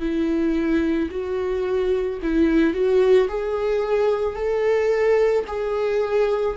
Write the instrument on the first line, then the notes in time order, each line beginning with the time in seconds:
viola
0.00 E4
1.10 F#4
2.22 E4
2.73 F#4
3.28 G#4
4.35 A4
5.47 G#4